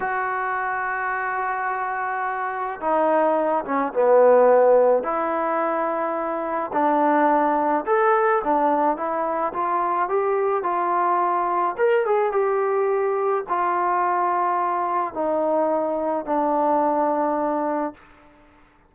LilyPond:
\new Staff \with { instrumentName = "trombone" } { \time 4/4 \tempo 4 = 107 fis'1~ | fis'4 dis'4. cis'8 b4~ | b4 e'2. | d'2 a'4 d'4 |
e'4 f'4 g'4 f'4~ | f'4 ais'8 gis'8 g'2 | f'2. dis'4~ | dis'4 d'2. | }